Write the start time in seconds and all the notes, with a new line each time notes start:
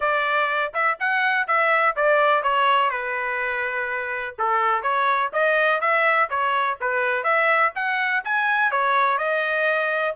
0.00 D5
0.73 E5
0.99 F#5
1.47 E5
1.96 D5
2.42 C#5
2.90 B4
4.38 A4
4.82 C#5
5.32 D#5
5.80 E5
6.29 C#5
6.80 B4
7.23 E5
7.75 F#5
8.24 G#5
8.71 C#5
9.18 D#5